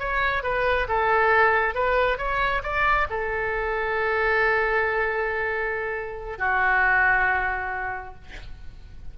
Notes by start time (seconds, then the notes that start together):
0.00 C#5
0.44 B4
0.89 A4
1.75 B4
2.18 C#5
2.64 D5
3.10 A4
6.39 F#4